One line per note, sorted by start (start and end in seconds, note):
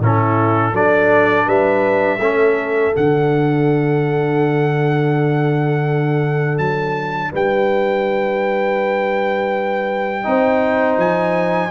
0.00 0.73 A2
0.00 0.74 C#4
0.00 0.74 E4
0.00 0.76 A4
0.73 1.46 F#3
0.73 2.20 D4
0.73 1.47 A4
0.73 1.49 D5
1.47 2.20 G3
1.47 2.19 B4
1.47 2.95 E5
2.19 2.93 A3
2.19 2.94 C#4
2.19 7.32 A4
2.94 6.59 D3
2.94 10.24 D4
2.94 6.59 F#5
6.59 7.32 F#3
6.59 7.32 A5
7.32 10.27 G3
7.32 10.25 B4
7.32 11.00 G5
10.24 10.98 C4
10.24 11.70 D#4
10.24 11.71 C5
10.98 11.71 F3
10.98 11.71 G#5